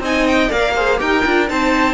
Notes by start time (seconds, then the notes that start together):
0.00 C4 D#4 D#5 G#5
0.28 G5
0.49 A#3 A#4 D5 F5
0.76 G#4 C5
0.98 D#4 G4 A#4 G5
1.26 D4 F4
1.48 C4 D#4 C5 A5